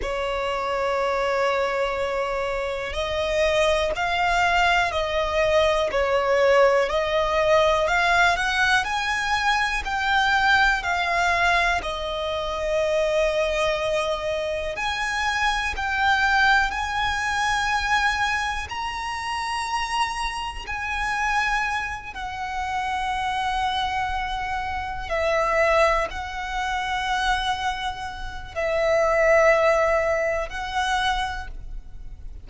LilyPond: \new Staff \with { instrumentName = "violin" } { \time 4/4 \tempo 4 = 61 cis''2. dis''4 | f''4 dis''4 cis''4 dis''4 | f''8 fis''8 gis''4 g''4 f''4 | dis''2. gis''4 |
g''4 gis''2 ais''4~ | ais''4 gis''4. fis''4.~ | fis''4. e''4 fis''4.~ | fis''4 e''2 fis''4 | }